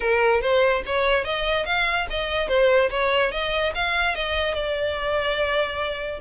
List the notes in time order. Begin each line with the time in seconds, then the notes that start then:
0.00 A#4
0.41 C5
0.86 C#5
1.24 D#5
1.65 F5
2.10 D#5
2.48 C5
2.90 C#5
3.31 D#5
3.74 F5
4.15 D#5
4.54 D5